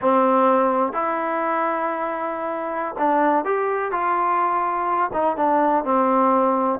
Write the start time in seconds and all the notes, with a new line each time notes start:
0.01 C4
0.93 E4
2.98 D4
3.44 G4
3.91 F4
5.13 D#4
5.36 D4
5.84 C4